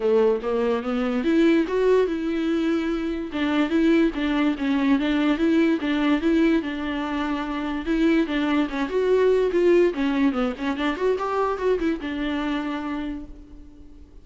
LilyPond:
\new Staff \with { instrumentName = "viola" } { \time 4/4 \tempo 4 = 145 a4 ais4 b4 e'4 | fis'4 e'2. | d'4 e'4 d'4 cis'4 | d'4 e'4 d'4 e'4 |
d'2. e'4 | d'4 cis'8 fis'4. f'4 | cis'4 b8 cis'8 d'8 fis'8 g'4 | fis'8 e'8 d'2. | }